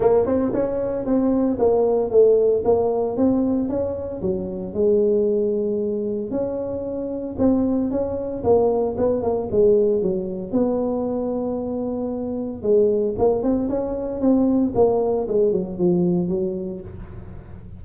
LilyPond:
\new Staff \with { instrumentName = "tuba" } { \time 4/4 \tempo 4 = 114 ais8 c'8 cis'4 c'4 ais4 | a4 ais4 c'4 cis'4 | fis4 gis2. | cis'2 c'4 cis'4 |
ais4 b8 ais8 gis4 fis4 | b1 | gis4 ais8 c'8 cis'4 c'4 | ais4 gis8 fis8 f4 fis4 | }